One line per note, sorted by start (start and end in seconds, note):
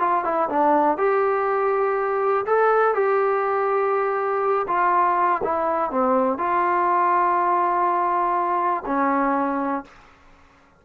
0.00 0.25 F4
0.25 0.49 E4
0.49 0.98 D4
0.98 2.45 G4
2.46 2.95 A4
2.95 4.67 G4
4.68 5.42 F4
5.44 5.91 E4
5.91 6.38 C4
6.38 8.84 F4
8.86 9.85 C#4